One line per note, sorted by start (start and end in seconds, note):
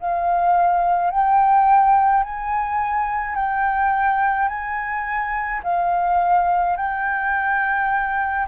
0.00 1.11 F5
1.11 2.24 G5
2.24 3.36 G#5
3.36 4.49 G5
4.49 5.62 G#5
5.63 6.77 F5
6.77 8.46 G5